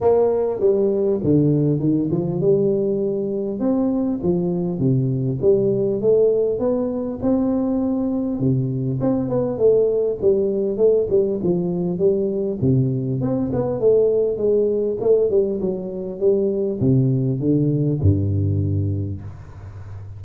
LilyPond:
\new Staff \with { instrumentName = "tuba" } { \time 4/4 \tempo 4 = 100 ais4 g4 d4 dis8 f8 | g2 c'4 f4 | c4 g4 a4 b4 | c'2 c4 c'8 b8 |
a4 g4 a8 g8 f4 | g4 c4 c'8 b8 a4 | gis4 a8 g8 fis4 g4 | c4 d4 g,2 | }